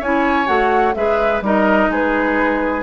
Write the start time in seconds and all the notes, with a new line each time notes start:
0.00 C#4 E4 C#5 G#5
0.46 A3 F#4 F#5
0.95 G#3 G#4 B4 E5
1.41 G3 D#4 A#4 D#5
1.89 G#3 G#4 B4